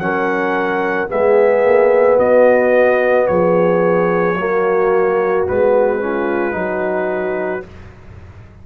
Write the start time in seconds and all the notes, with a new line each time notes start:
0.00 F#3 C#4 A#4 F#5
1.08 G#3 B3 G#4 E5
1.64 A#3
2.18 B3 F#4 D#5
3.27 F3 G#4 C#5
4.35 F#3 A#3 F#4
5.48 G#3 B3 B4
6.00 C#4 F4
6.52 F#3 D#4 F#4